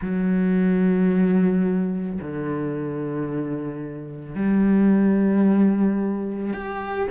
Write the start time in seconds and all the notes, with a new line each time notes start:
0.01 F#3
2.21 D3
4.35 G3
6.53 G4